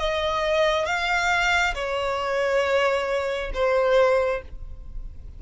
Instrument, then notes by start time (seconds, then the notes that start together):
violin
0.00 D#5
0.86 F5
1.75 C#5
3.54 C5